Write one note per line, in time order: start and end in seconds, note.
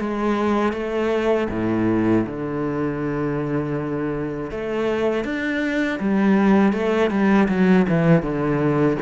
0.00 0.73 G#3
0.73 1.48 A3
1.50 2.25 A2
2.26 4.51 D3
4.51 5.24 A3
5.24 5.99 D4
6.00 6.73 G3
6.73 7.10 A3
7.10 7.48 G3
7.48 7.86 F#3
7.89 8.22 E3
8.22 8.97 D3